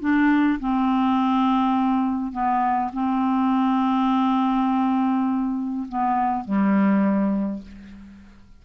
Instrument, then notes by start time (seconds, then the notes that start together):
clarinet
0.00 D4
0.60 C4
2.32 B3
2.93 C4
5.89 B3
6.44 G3